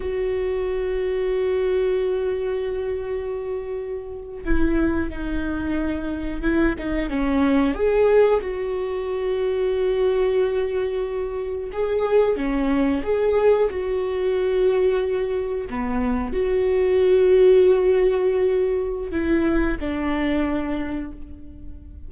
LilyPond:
\new Staff \with { instrumentName = "viola" } { \time 4/4 \tempo 4 = 91 fis'1~ | fis'2~ fis'8. e'4 dis'16~ | dis'4.~ dis'16 e'8 dis'8 cis'4 gis'16~ | gis'8. fis'2.~ fis'16~ |
fis'4.~ fis'16 gis'4 cis'4 gis'16~ | gis'8. fis'2. b16~ | b8. fis'2.~ fis'16~ | fis'4 e'4 d'2 | }